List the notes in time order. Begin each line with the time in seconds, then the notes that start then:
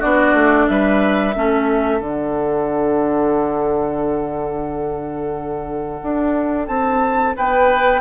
0.00 B3 D4 F#4 D5
0.34 A3
0.68 G3 B4 E5
1.35 A3 C#4 A4
2.01 D3 D4 F#5
6.03 D4
6.68 C4 A5
7.37 B3 B4 G5